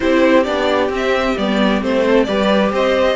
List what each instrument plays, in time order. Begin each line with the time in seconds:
0.00 cello C4, viola E4, violin G4 C5
0.43 cello B3, viola D4, violin D5
0.89 cello C4, viola C4
0.96 violin E5
1.37 cello G3, viola B3, violin D5
1.81 cello A3, viola C4, violin C5
2.03 violin A4
2.24 cello G3, viola G4, violin B4 D5
2.71 cello C4, violin C5 D#5